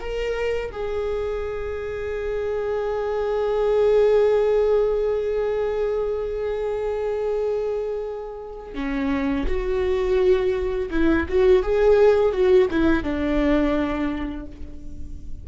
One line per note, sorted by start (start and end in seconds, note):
0.00 0.71 A#4
0.72 8.75 G#4
8.75 9.46 C#4
9.47 10.90 F#4
10.91 11.26 E4
11.29 11.62 F#4
11.62 12.33 G#4
12.33 12.69 F#4
12.71 13.04 E4
13.04 14.46 D4